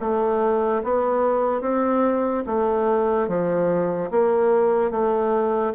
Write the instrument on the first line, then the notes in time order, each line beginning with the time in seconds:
bassoon
0.00 A3
0.83 B3
1.61 C4
2.46 A3
3.28 F3
4.11 A#3
4.91 A3